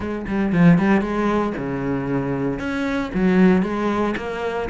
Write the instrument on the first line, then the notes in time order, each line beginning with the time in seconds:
cello
0.00 G#3
0.27 G3
0.52 F3
0.78 G3
1.01 G#3
1.57 C#3
2.59 C#4
3.14 F#3
3.62 G#3
4.16 A#3